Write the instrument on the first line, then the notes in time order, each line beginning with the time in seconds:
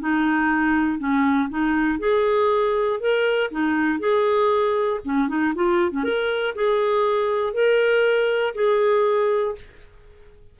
clarinet
0.00 D#4
0.99 C#4
1.50 D#4
1.99 G#4
3.00 A#4
3.51 D#4
3.99 G#4
5.05 C#4
5.28 D#4
5.55 F4
5.92 C#4
6.04 A#4
6.55 G#4
7.54 A#4
8.55 G#4